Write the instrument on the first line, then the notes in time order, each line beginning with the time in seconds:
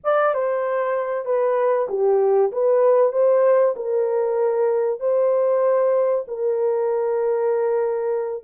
horn
0.03 D5
0.34 C5
1.25 B4
1.89 G4
2.52 B4
3.12 C5
3.76 A#4
4.99 C5
6.27 A#4